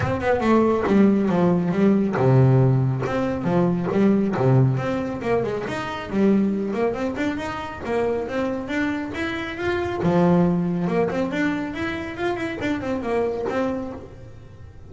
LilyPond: \new Staff \with { instrumentName = "double bass" } { \time 4/4 \tempo 4 = 138 c'8 b8 a4 g4 f4 | g4 c2 c'4 | f4 g4 c4 c'4 | ais8 gis8 dis'4 g4. ais8 |
c'8 d'8 dis'4 ais4 c'4 | d'4 e'4 f'4 f4~ | f4 ais8 c'8 d'4 e'4 | f'8 e'8 d'8 c'8 ais4 c'4 | }